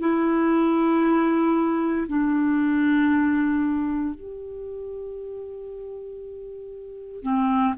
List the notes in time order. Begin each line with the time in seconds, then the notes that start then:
0.00 E4
2.07 D4
4.14 G4
7.22 C4